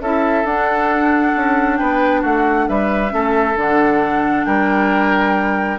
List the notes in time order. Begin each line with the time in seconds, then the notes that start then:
0.00 C#4 E4 A4 E5
0.44 D4 F#5
1.36 C#4
1.77 B3 B4 G5
2.21 A3 F#4 F#5
2.68 G3 B4 E5
3.09 A3 C#4 A4
3.56 D3 D4 F#5
4.45 G3 A#4 G5